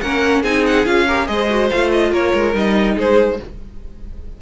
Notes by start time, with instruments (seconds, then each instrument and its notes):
0.00 cello A#3, viola C#4, violin A#4 F#5
0.41 cello C4, viola D#4, violin G#4 G#5
0.66 violin F#5
0.85 cello C#4, viola F4, violin F5
1.07 viola G4, violin A#4
1.26 cello G#3, viola G#4, violin C5 D#5
1.49 viola F#4
1.69 cello A3, viola F4, violin F5
1.91 violin D#5
2.11 cello A#3, violin A#4 C#5
2.33 cello G#3
2.53 cello G3, viola D#4, violin D#5
2.94 cello G#3, violin G#4 C5